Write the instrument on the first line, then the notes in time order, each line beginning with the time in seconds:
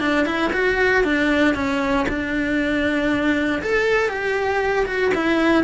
cello
0.00 D4
0.26 E4
0.53 F#4
1.04 D4
1.55 C#4
2.08 D4
3.62 A4
4.09 G4
4.86 F#4
5.14 E4